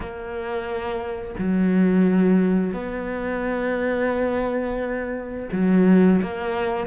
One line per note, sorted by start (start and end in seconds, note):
0.00 1.34 A#3
1.38 2.73 F#3
2.73 5.49 B3
5.52 6.21 F#3
6.22 6.86 A#3